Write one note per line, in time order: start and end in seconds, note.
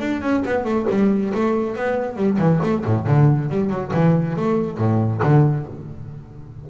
0.00 0.22 D4
0.22 0.43 C#4
0.46 0.65 B3
0.65 0.86 A3
0.90 1.33 G3
1.34 1.76 A3
1.76 2.16 B3
2.16 2.38 G3
2.39 2.60 E3
2.63 2.85 A3
2.85 3.07 A2
3.07 3.50 D3
3.50 3.70 G3
3.70 3.92 F#3
3.93 4.36 E3
4.36 4.78 A3
4.78 5.21 A2
5.23 5.67 D3